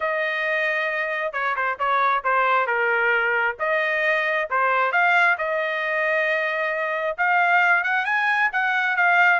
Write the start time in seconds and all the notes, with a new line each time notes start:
0.00 D#5
1.32 C#5
1.56 C5
1.78 C#5
2.24 C5
2.66 A#4
3.59 D#5
4.50 C5
4.92 F5
5.37 D#5
7.17 F5
7.83 F#5
8.05 G#5
8.52 F#5
8.96 F5